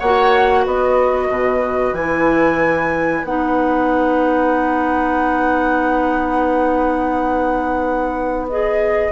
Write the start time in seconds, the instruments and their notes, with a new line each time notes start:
0.00 bassoon A#3, clarinet F#4, oboe C#5, flute F#5
0.65 bassoon B3, oboe B4, flute D#5
1.29 bassoon B2
1.93 bassoon E3, clarinet E4, flute G#5
3.24 bassoon B3, clarinet D#4, flute F#5
8.50 clarinet G#4, flute D#5